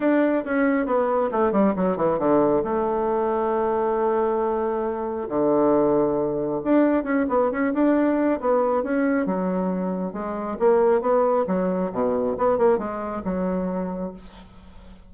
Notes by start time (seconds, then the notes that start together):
0.00 D4
0.45 C#4
0.86 B3
1.31 A3
1.51 G3
1.76 F#3
1.96 E3
2.18 D3
2.64 A3
5.28 D3
6.64 D4
7.03 C#4
7.29 B3
7.51 C#4
7.73 D4
8.40 B3
8.83 C#4
9.25 F#3
10.12 G#3
10.59 A#3
11.01 B3
11.47 F#3
11.92 B2
12.37 B3
12.58 A#3
12.78 G#3
13.24 F#3